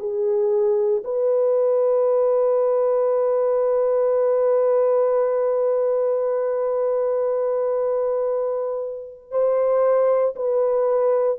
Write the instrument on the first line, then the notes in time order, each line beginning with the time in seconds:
horn
0.00 G#4
1.04 B4
9.32 C5
10.36 B4